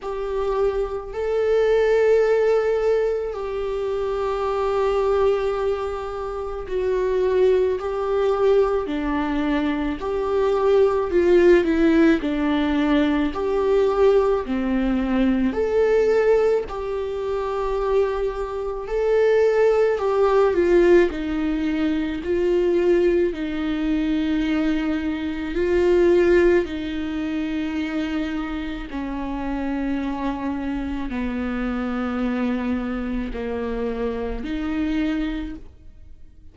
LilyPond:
\new Staff \with { instrumentName = "viola" } { \time 4/4 \tempo 4 = 54 g'4 a'2 g'4~ | g'2 fis'4 g'4 | d'4 g'4 f'8 e'8 d'4 | g'4 c'4 a'4 g'4~ |
g'4 a'4 g'8 f'8 dis'4 | f'4 dis'2 f'4 | dis'2 cis'2 | b2 ais4 dis'4 | }